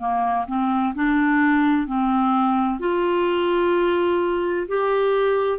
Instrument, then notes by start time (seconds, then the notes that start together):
clarinet
0.00 A#3
0.48 C4
0.95 D4
1.88 C4
2.80 F4
4.68 G4